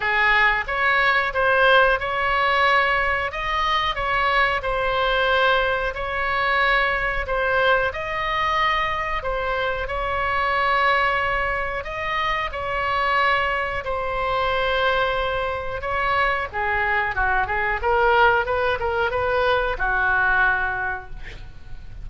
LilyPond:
\new Staff \with { instrumentName = "oboe" } { \time 4/4 \tempo 4 = 91 gis'4 cis''4 c''4 cis''4~ | cis''4 dis''4 cis''4 c''4~ | c''4 cis''2 c''4 | dis''2 c''4 cis''4~ |
cis''2 dis''4 cis''4~ | cis''4 c''2. | cis''4 gis'4 fis'8 gis'8 ais'4 | b'8 ais'8 b'4 fis'2 | }